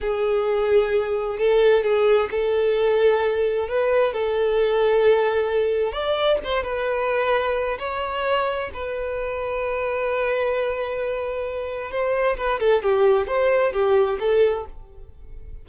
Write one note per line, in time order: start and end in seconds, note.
0.00 1.38 G#4
1.38 1.83 A4
1.83 2.29 G#4
2.30 3.68 A4
3.68 4.13 B4
4.13 5.92 A4
5.92 6.38 D5
6.44 6.63 C5
6.63 7.77 B4
7.78 8.70 C#5
8.73 11.91 B4
11.91 12.36 C5
12.37 12.59 B4
12.59 12.82 A4
12.82 13.27 G4
13.27 13.72 C5
13.72 14.18 G4
14.19 14.65 A4